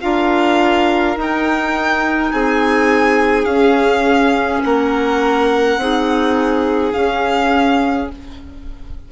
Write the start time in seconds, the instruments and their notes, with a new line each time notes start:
0.00 bassoon D4, clarinet F4, violin A#4 F5
1.16 clarinet D#4, bassoon D#4, violin G5
2.31 bassoon C4, violin G#4 G#5
3.44 bassoon C#4, clarinet C#4, violin F5
4.63 bassoon A#3, violin A#4 F#5
5.77 bassoon C4, clarinet D#4, violin G#4
6.92 clarinet C#4, bassoon C#4, violin F5